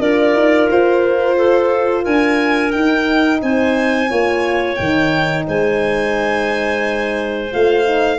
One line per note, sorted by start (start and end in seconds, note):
0.00 0.34 D4
0.00 2.73 F4
0.00 1.36 A#4
0.00 0.69 D5
0.34 0.68 D#4
0.70 2.06 F4
0.70 2.05 C5
1.36 2.03 A4
2.03 2.74 D4
2.03 3.39 A#4
2.03 2.71 G#5
2.71 3.42 D#4
2.71 4.09 D#4
2.71 3.40 G5
3.42 4.10 C4
3.42 4.09 C5
3.42 4.75 G#5
4.09 4.79 A#3
4.09 4.77 F4
4.09 5.46 C#5
4.75 5.47 D#3
4.75 7.50 D#4
4.75 5.43 G5
5.47 7.52 G#3
5.47 8.18 C5
5.47 7.53 G#5
7.51 8.18 A3
7.51 7.84 F4
7.51 8.18 F5
7.84 8.18 D#4